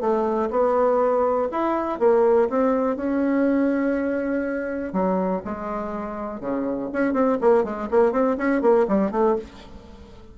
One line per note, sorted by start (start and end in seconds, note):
0.00 0.49 A3
0.50 1.48 B3
1.52 1.99 E4
1.99 2.48 A#3
2.50 2.96 C4
2.96 4.93 C#4
4.93 5.42 F#3
5.45 6.40 G#3
6.40 6.89 C#3
6.93 7.13 C#4
7.13 7.38 C4
7.41 7.64 A#3
7.64 7.88 G#3
7.90 8.12 A#3
8.12 8.37 C4
8.38 8.62 C#4
8.62 8.86 A#3
8.88 9.11 G3
9.11 9.36 A3